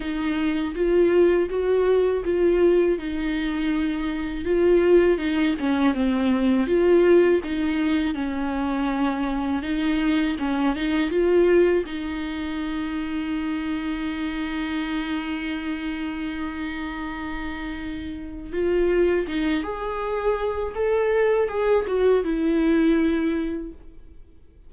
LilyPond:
\new Staff \with { instrumentName = "viola" } { \time 4/4 \tempo 4 = 81 dis'4 f'4 fis'4 f'4 | dis'2 f'4 dis'8 cis'8 | c'4 f'4 dis'4 cis'4~ | cis'4 dis'4 cis'8 dis'8 f'4 |
dis'1~ | dis'1~ | dis'4 f'4 dis'8 gis'4. | a'4 gis'8 fis'8 e'2 | }